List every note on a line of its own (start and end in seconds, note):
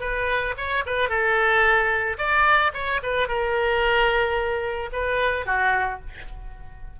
0.00 0.54 B4
0.57 0.84 C#5
0.86 1.09 B4
1.09 2.17 A4
2.18 2.72 D5
2.74 3.01 C#5
3.02 3.28 B4
3.28 4.90 A#4
4.92 5.46 B4
5.46 6.00 F#4